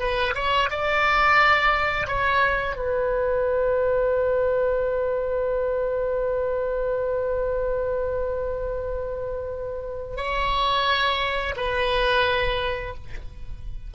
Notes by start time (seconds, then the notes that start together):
0.00 B4
0.35 C#5
0.71 D5
2.08 C#5
2.76 B4
10.17 C#5
11.57 B4